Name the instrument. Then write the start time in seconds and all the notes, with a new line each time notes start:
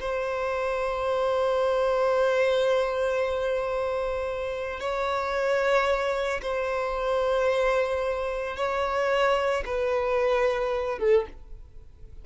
violin
0.00 C5
4.80 C#5
6.42 C5
8.57 C#5
9.66 B4
10.99 A4